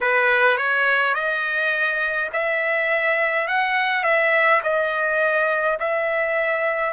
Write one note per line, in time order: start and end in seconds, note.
0.00 0.57 B4
0.57 1.14 C#5
1.14 2.30 D#5
2.32 3.47 E5
3.47 4.03 F#5
4.03 4.61 E5
4.63 5.78 D#5
5.79 6.93 E5